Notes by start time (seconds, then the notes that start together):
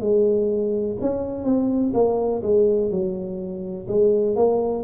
0.00 G#3
1.00 C#4
1.44 C4
1.94 A#3
2.42 G#3
2.90 F#3
3.87 G#3
4.35 A#3